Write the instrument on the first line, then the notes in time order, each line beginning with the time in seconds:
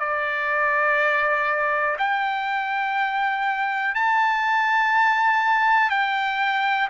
trumpet
0.00 D5
1.99 G5
3.95 A5
5.91 G5